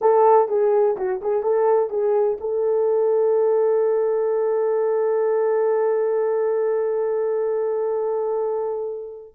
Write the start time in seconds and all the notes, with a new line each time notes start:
0.01 A4
0.48 G#4
0.96 F#4
1.21 G#4
1.42 A4
1.90 G#4
2.40 A4